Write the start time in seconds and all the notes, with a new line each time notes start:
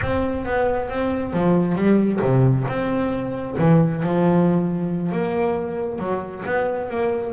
0.01 C4
0.45 B3
0.89 C4
1.33 F3
1.75 G3
2.21 C3
2.67 C4
3.58 E3
4.02 F3
5.12 A#3
5.98 F#3
6.45 B3
6.90 A#3